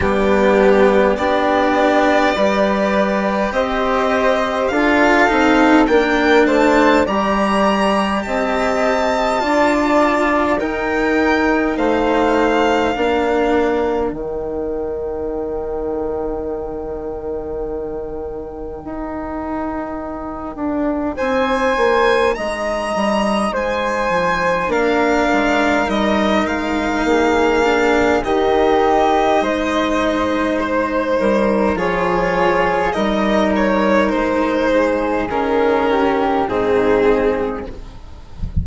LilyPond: <<
  \new Staff \with { instrumentName = "violin" } { \time 4/4 \tempo 4 = 51 g'4 d''2 dis''4 | f''4 g''8 a''8 ais''4 a''4~ | a''4 g''4 f''2 | g''1~ |
g''2 gis''4 ais''4 | gis''4 f''4 dis''8 f''4. | dis''2 c''4 cis''4 | dis''8 cis''8 c''4 ais'4 gis'4 | }
  \new Staff \with { instrumentName = "flute" } { \time 4/4 d'4 g'4 b'4 c''4 | a'4 ais'8 c''8 d''4 dis''4 | d''4 ais'4 c''4 ais'4~ | ais'1~ |
ais'2 c''4 dis''4 | c''4 ais'2 gis'4 | g'4 c''4. ais'8 gis'4 | ais'4. gis'4 g'8 dis'4 | }
  \new Staff \with { instrumentName = "cello" } { \time 4/4 b4 d'4 g'2 | f'8 dis'8 d'4 g'2 | f'4 dis'2 d'4 | dis'1~ |
dis'1~ | dis'4 d'4 dis'4. d'8 | dis'2. f'4 | dis'2 cis'4 c'4 | }
  \new Staff \with { instrumentName = "bassoon" } { \time 4/4 g4 b4 g4 c'4 | d'8 c'8 ais8 a8 g4 c'4 | d'4 dis'4 a4 ais4 | dis1 |
dis'4. d'8 c'8 ais8 gis8 g8 | gis8 f8 ais8 gis8 g8 gis8 ais4 | dis4 gis4. g8 f4 | g4 gis4 dis4 gis,4 | }
>>